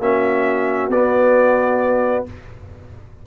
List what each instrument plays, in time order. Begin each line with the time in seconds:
0.00 tuba A#3, trombone C#4, horn F#4, trumpet E5
0.89 tuba B3, trombone B3, trumpet D5